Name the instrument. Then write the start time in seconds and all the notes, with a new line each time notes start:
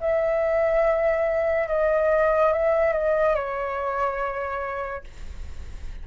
flute
0.00 E5
1.68 D#5
2.52 E5
2.93 D#5
3.35 C#5